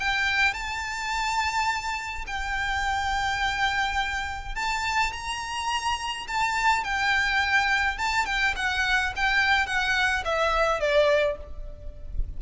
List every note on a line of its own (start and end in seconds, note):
0.00 0.54 G5
0.54 2.25 A5
2.27 4.56 G5
4.56 5.13 A5
5.13 6.27 A#5
6.28 6.84 A5
6.84 7.98 G5
7.98 8.26 A5
8.26 8.55 G5
8.56 9.14 F#5
9.16 9.67 G5
9.67 10.24 F#5
10.25 10.81 E5
10.81 11.38 D5